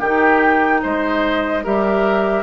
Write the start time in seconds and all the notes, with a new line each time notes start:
0.00 D#3 D#4 G4 G5
0.83 G#3 C5 D#5
1.64 G3 G4 A#4 E5